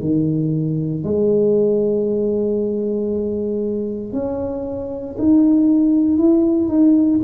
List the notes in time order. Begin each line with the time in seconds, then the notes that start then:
0.00 D#3
1.04 G#3
4.12 C#4
5.18 D#4
6.17 E4
6.68 D#4